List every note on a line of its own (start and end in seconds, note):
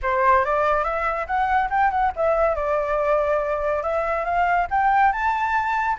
0.02 0.44 C5
0.45 0.84 D5
0.84 1.26 E5
1.26 1.69 F#5
1.70 1.90 G5
1.90 2.12 F#5
2.16 2.55 E5
2.55 3.82 D5
3.82 4.24 E5
4.24 4.67 F5
4.70 5.12 G5
5.12 5.97 A5